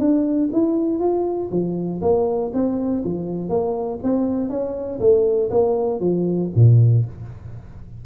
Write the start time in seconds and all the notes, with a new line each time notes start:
0.00 D4
0.53 E4
1.00 F4
1.51 F3
2.02 A#3
2.54 C4
3.05 F3
3.49 A#3
4.03 C4
4.50 C#4
5.00 A3
5.50 A#3
6.00 F3
6.56 A#2